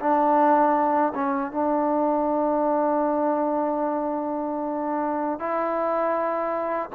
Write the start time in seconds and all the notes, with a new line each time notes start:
0.00 D4
1.15 C#4
1.51 D4
5.39 E4